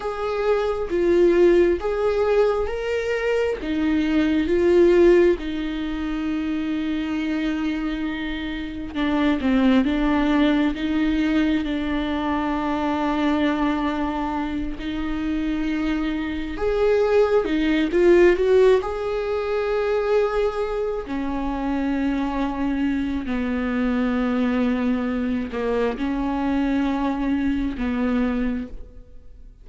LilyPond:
\new Staff \with { instrumentName = "viola" } { \time 4/4 \tempo 4 = 67 gis'4 f'4 gis'4 ais'4 | dis'4 f'4 dis'2~ | dis'2 d'8 c'8 d'4 | dis'4 d'2.~ |
d'8 dis'2 gis'4 dis'8 | f'8 fis'8 gis'2~ gis'8 cis'8~ | cis'2 b2~ | b8 ais8 cis'2 b4 | }